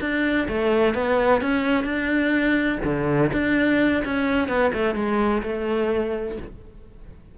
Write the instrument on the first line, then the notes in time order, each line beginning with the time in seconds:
cello
0.00 D4
0.48 A3
0.94 B3
1.41 C#4
1.84 D4
2.84 D3
3.32 D4
4.04 C#4
4.48 B3
4.73 A3
4.95 G#3
5.42 A3